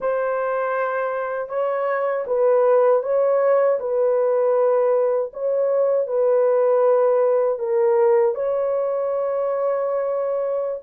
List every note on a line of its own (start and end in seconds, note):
0.00 1.48 C5
1.48 2.24 C#5
2.26 3.02 B4
3.02 3.78 C#5
3.79 5.31 B4
5.33 6.07 C#5
6.07 7.58 B4
7.58 8.34 A#4
8.34 10.81 C#5